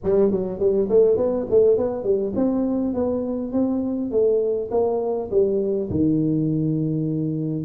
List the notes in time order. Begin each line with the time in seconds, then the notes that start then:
0.03 G3
0.31 F#3
0.59 G3
0.89 A3
1.16 B3
1.50 A3
1.77 B3
2.03 G3
2.35 C4
2.94 B3
3.52 C4
4.11 A3
4.71 A#3
5.30 G3
5.90 D#3